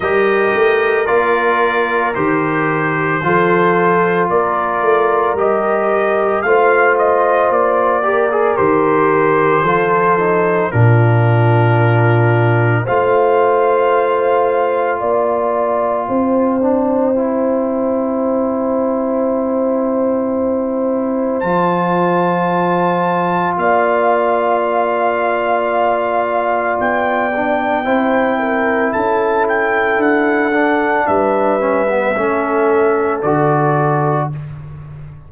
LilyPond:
<<
  \new Staff \with { instrumentName = "trumpet" } { \time 4/4 \tempo 4 = 56 dis''4 d''4 c''2 | d''4 dis''4 f''8 dis''8 d''4 | c''2 ais'2 | f''2 g''2~ |
g''1 | a''2 f''2~ | f''4 g''2 a''8 g''8 | fis''4 e''2 d''4 | }
  \new Staff \with { instrumentName = "horn" } { \time 4/4 ais'2. a'4 | ais'2 c''4. ais'8~ | ais'4 a'4 f'2 | c''2 d''4 c''4~ |
c''1~ | c''2 d''2~ | d''2 c''8 ais'8 a'4~ | a'4 b'4 a'2 | }
  \new Staff \with { instrumentName = "trombone" } { \time 4/4 g'4 f'4 g'4 f'4~ | f'4 g'4 f'4. g'16 gis'16 | g'4 f'8 dis'8 d'2 | f'2.~ f'8 d'8 |
e'1 | f'1~ | f'4. d'8 e'2~ | e'8 d'4 cis'16 b16 cis'4 fis'4 | }
  \new Staff \with { instrumentName = "tuba" } { \time 4/4 g8 a8 ais4 dis4 f4 | ais8 a8 g4 a4 ais4 | dis4 f4 ais,2 | a2 ais4 c'4~ |
c'1 | f2 ais2~ | ais4 b4 c'4 cis'4 | d'4 g4 a4 d4 | }
>>